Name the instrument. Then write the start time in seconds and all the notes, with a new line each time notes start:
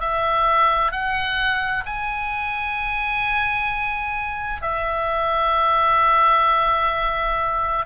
oboe
0.00 E5
0.91 F#5
1.85 G#5
4.62 E5